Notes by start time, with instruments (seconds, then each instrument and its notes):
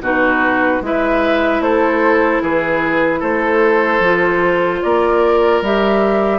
0.00 bassoon B2, clarinet D#4, oboe F#4, flute B4
0.81 bassoon G#3, clarinet E4, oboe B4, flute E5
1.60 bassoon A3, oboe A4, flute C5
2.42 bassoon E3, oboe G#4, flute B4
3.20 bassoon A3, oboe A4, flute C5
4.00 bassoon F3, clarinet F4
4.82 bassoon A#3, oboe A#4, flute D5
5.62 bassoon G3, clarinet G4, flute E5